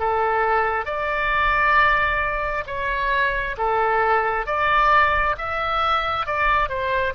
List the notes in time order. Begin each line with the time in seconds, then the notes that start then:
0.00 A4
0.85 D5
2.67 C#5
3.57 A4
4.47 D5
5.38 E5
6.26 D5
6.69 C5